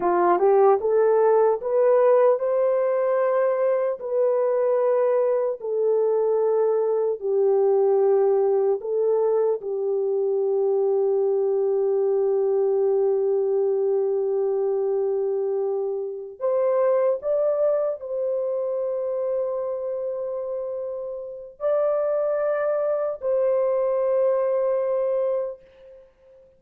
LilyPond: \new Staff \with { instrumentName = "horn" } { \time 4/4 \tempo 4 = 75 f'8 g'8 a'4 b'4 c''4~ | c''4 b'2 a'4~ | a'4 g'2 a'4 | g'1~ |
g'1~ | g'8 c''4 d''4 c''4.~ | c''2. d''4~ | d''4 c''2. | }